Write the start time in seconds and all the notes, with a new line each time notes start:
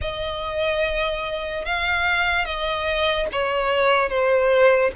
0.01 D#5
1.65 F5
2.45 D#5
3.32 C#5
4.09 C5